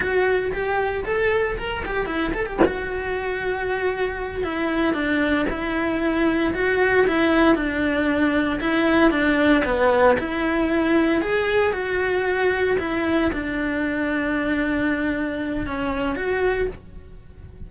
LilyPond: \new Staff \with { instrumentName = "cello" } { \time 4/4 \tempo 4 = 115 fis'4 g'4 a'4 ais'8 g'8 | e'8 a'16 g'16 fis'2.~ | fis'8 e'4 d'4 e'4.~ | e'8 fis'4 e'4 d'4.~ |
d'8 e'4 d'4 b4 e'8~ | e'4. gis'4 fis'4.~ | fis'8 e'4 d'2~ d'8~ | d'2 cis'4 fis'4 | }